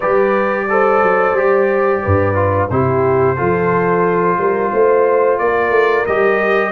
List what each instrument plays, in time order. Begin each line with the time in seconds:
0.00 tuba G3, trombone G4, horn B4, trumpet D5
0.69 trombone A4, horn C5
1.03 tuba F#3
1.33 tuba G3, trombone G4
2.03 tuba G2, horn B4
2.34 trombone F4
2.69 tuba C3, trombone E4, horn G4, trumpet C5
3.36 tuba F3, trombone F4, horn A4
4.37 tuba G3, horn A#4
4.72 tuba A3, horn C5
5.38 tuba A#3, horn A#4, trumpet D5
5.70 tuba A3
6.06 tuba G3, trombone G4, trumpet D#5